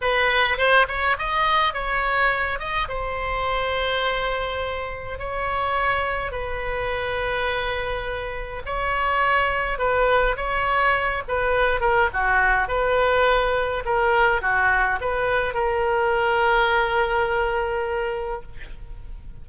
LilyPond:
\new Staff \with { instrumentName = "oboe" } { \time 4/4 \tempo 4 = 104 b'4 c''8 cis''8 dis''4 cis''4~ | cis''8 dis''8 c''2.~ | c''4 cis''2 b'4~ | b'2. cis''4~ |
cis''4 b'4 cis''4. b'8~ | b'8 ais'8 fis'4 b'2 | ais'4 fis'4 b'4 ais'4~ | ais'1 | }